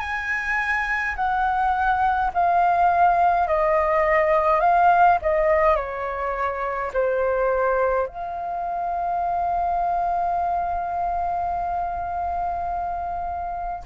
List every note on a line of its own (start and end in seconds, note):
0.00 1.15 G#5
1.16 2.31 F#5
2.34 3.47 F5
3.47 4.60 D#5
4.60 5.18 F5
5.22 5.76 D#5
5.76 6.91 C#5
6.93 8.07 C5
8.07 13.84 F5